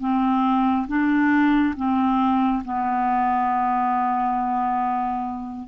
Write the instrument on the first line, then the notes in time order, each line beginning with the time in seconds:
clarinet
0.00 C4
0.88 D4
1.77 C4
2.64 B3